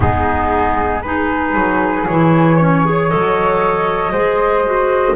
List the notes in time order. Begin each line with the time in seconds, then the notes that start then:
0.00 G#3 B3 D#4 G#4
1.02 D#4 G#4 B4
1.54 F#3
2.06 E3 E4 C#5
2.56 C#4 C#5
2.85 G#4
3.09 F#3 A4 D#5
4.11 G#3 G#4 C5
4.65 F#4